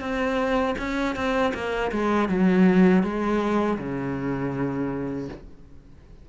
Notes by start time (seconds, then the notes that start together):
0.00 C4
0.78 C#4
1.16 C4
1.54 A#3
1.92 G#3
2.29 F#3
3.03 G#3
3.78 C#3